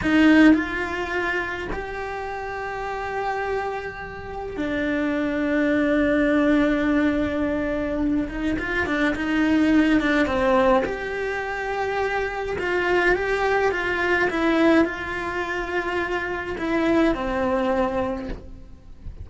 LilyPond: \new Staff \with { instrumentName = "cello" } { \time 4/4 \tempo 4 = 105 dis'4 f'2 g'4~ | g'1 | d'1~ | d'2~ d'8 dis'8 f'8 d'8 |
dis'4. d'8 c'4 g'4~ | g'2 f'4 g'4 | f'4 e'4 f'2~ | f'4 e'4 c'2 | }